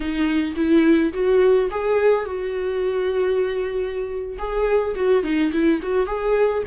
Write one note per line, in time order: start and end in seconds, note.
0.00 0.55 D#4
0.56 1.12 E4
1.13 1.69 F#4
1.71 2.25 G#4
2.25 4.37 F#4
4.38 4.95 G#4
4.95 5.23 F#4
5.23 5.51 D#4
5.52 5.80 E4
5.82 6.06 F#4
6.06 6.63 G#4